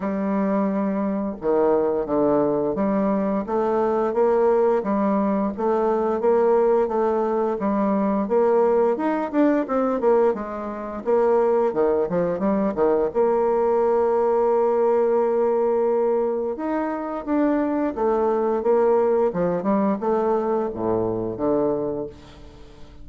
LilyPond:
\new Staff \with { instrumentName = "bassoon" } { \time 4/4 \tempo 4 = 87 g2 dis4 d4 | g4 a4 ais4 g4 | a4 ais4 a4 g4 | ais4 dis'8 d'8 c'8 ais8 gis4 |
ais4 dis8 f8 g8 dis8 ais4~ | ais1 | dis'4 d'4 a4 ais4 | f8 g8 a4 a,4 d4 | }